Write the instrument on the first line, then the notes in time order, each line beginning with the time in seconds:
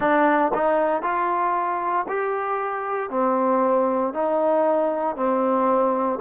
trombone
0.00 D4
0.54 D#4
1.02 F4
2.08 G4
3.10 C4
4.13 D#4
5.15 C4